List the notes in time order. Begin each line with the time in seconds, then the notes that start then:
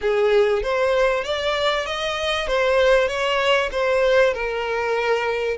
0.01 G#4
0.62 C5
1.24 D5
1.86 D#5
2.47 C5
3.08 C#5
3.71 C5
4.33 A#4